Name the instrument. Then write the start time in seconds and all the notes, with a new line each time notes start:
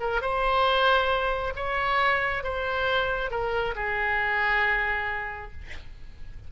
oboe
0.00 A#4
0.21 C5
1.55 C#5
2.43 C5
3.30 A#4
3.75 G#4